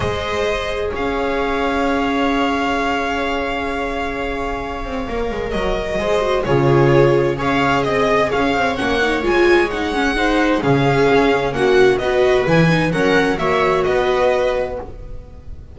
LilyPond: <<
  \new Staff \with { instrumentName = "violin" } { \time 4/4 \tempo 4 = 130 dis''2 f''2~ | f''1~ | f''1 | dis''2 cis''2 |
f''4 dis''4 f''4 fis''4 | gis''4 fis''2 f''4~ | f''4 fis''4 dis''4 gis''4 | fis''4 e''4 dis''2 | }
  \new Staff \with { instrumentName = "viola" } { \time 4/4 c''2 cis''2~ | cis''1~ | cis''1~ | cis''4 c''4 gis'2 |
cis''4 dis''4 cis''2~ | cis''2 c''4 gis'4~ | gis'4 fis'4 b'2 | ais'4 cis''4 b'2 | }
  \new Staff \with { instrumentName = "viola" } { \time 4/4 gis'1~ | gis'1~ | gis'2. ais'4~ | ais'4 gis'8 fis'8 f'2 |
gis'2. cis'8 dis'8 | f'4 dis'8 cis'8 dis'4 cis'4~ | cis'2 fis'4 e'8 dis'8 | cis'4 fis'2. | }
  \new Staff \with { instrumentName = "double bass" } { \time 4/4 gis2 cis'2~ | cis'1~ | cis'2~ cis'8 c'8 ais8 gis8 | fis4 gis4 cis2 |
cis'4 c'4 cis'8 c'8 ais4 | gis2. cis4 | cis'4 ais4 b4 e4 | fis4 ais4 b2 | }
>>